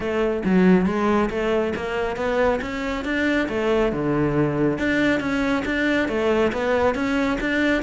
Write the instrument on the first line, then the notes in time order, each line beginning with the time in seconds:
cello
0.00 A3
0.44 F#3
0.86 G#3
1.30 A3
1.75 A#3
2.16 B3
2.61 C#4
3.04 D4
3.48 A3
3.92 D3
4.78 D4
5.20 C#4
5.65 D4
6.08 A3
6.52 B3
6.94 C#4
7.40 D4